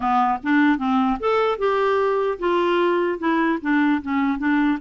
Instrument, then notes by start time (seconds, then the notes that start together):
clarinet
0.00 B3
0.43 D4
0.78 C4
1.19 A4
1.58 G4
2.39 F4
3.19 E4
3.61 D4
4.02 C#4
4.38 D4